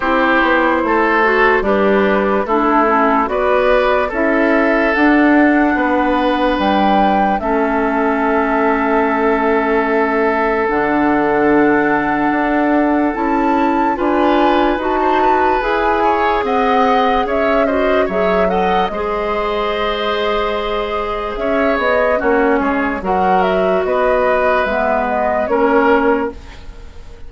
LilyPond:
<<
  \new Staff \with { instrumentName = "flute" } { \time 4/4 \tempo 4 = 73 c''2 b'4 a'4 | d''4 e''4 fis''2 | g''4 e''2.~ | e''4 fis''2. |
a''4 gis''4 a''4 gis''4 | fis''4 e''8 dis''8 e''8 fis''8 dis''4~ | dis''2 e''8 dis''8 cis''4 | fis''8 e''8 dis''4 e''8 dis''8 cis''4 | }
  \new Staff \with { instrumentName = "oboe" } { \time 4/4 g'4 a'4 d'4 e'4 | b'4 a'2 b'4~ | b'4 a'2.~ | a'1~ |
a'4 b'4~ b'16 c''16 b'4 cis''8 | dis''4 cis''8 c''8 cis''8 dis''8 c''4~ | c''2 cis''4 fis'8 gis'8 | ais'4 b'2 ais'4 | }
  \new Staff \with { instrumentName = "clarinet" } { \time 4/4 e'4. fis'8 g'4 d'8 cis'8 | fis'4 e'4 d'2~ | d'4 cis'2.~ | cis'4 d'2. |
e'4 f'4 fis'4 gis'4~ | gis'4. fis'8 gis'8 a'8 gis'4~ | gis'2. cis'4 | fis'2 b4 cis'4 | }
  \new Staff \with { instrumentName = "bassoon" } { \time 4/4 c'8 b8 a4 g4 a4 | b4 cis'4 d'4 b4 | g4 a2.~ | a4 d2 d'4 |
cis'4 d'4 dis'4 e'4 | c'4 cis'4 fis4 gis4~ | gis2 cis'8 b8 ais8 gis8 | fis4 b4 gis4 ais4 | }
>>